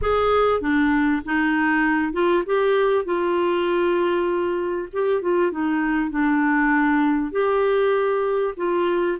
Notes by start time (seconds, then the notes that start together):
0.01 G#4
0.60 D4
1.25 D#4
2.13 F4
2.45 G4
3.04 F4
4.93 G4
5.21 F4
5.51 D#4
6.10 D4
7.31 G4
8.57 F4